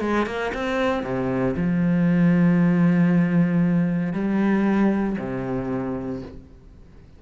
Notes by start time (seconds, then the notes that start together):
0.00 G#3
0.26 A#3
0.54 C4
1.03 C3
1.56 F3
4.13 G3
5.18 C3